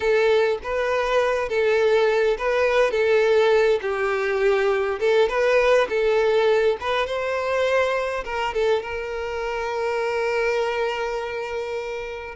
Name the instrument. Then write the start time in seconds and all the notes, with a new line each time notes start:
violin
0.00 A4
0.63 B4
1.48 A4
2.38 B4
2.91 A4
3.81 G4
4.99 A4
5.29 B4
5.89 A4
6.80 B4
7.06 C5
8.24 A#4
8.54 A4
8.82 A#4